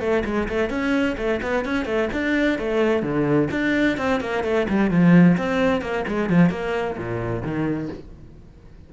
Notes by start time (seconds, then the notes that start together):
0.00 A3
0.25 G#3
0.48 A3
0.70 C#4
1.17 A3
1.42 B3
1.65 C#4
1.85 A3
2.12 D4
2.59 A3
3.02 D3
3.51 D4
3.97 C4
4.20 A#3
4.44 A3
4.69 G3
4.90 F3
5.37 C4
5.81 A#3
6.07 G#3
6.29 F3
6.50 A#3
6.97 A#2
7.42 D#3